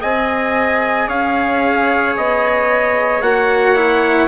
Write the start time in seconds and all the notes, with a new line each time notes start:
0.00 C4 G#4 D#5 G#5
1.07 C#4 C#5 F5
2.17 B3 D#5
3.21 A#3 F#4 F#5
3.75 E4